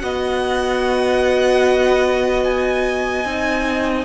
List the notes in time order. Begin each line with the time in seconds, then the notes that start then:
0.00 B3 F#4 D#5 F#5
2.43 G#5
3.25 C4 D#4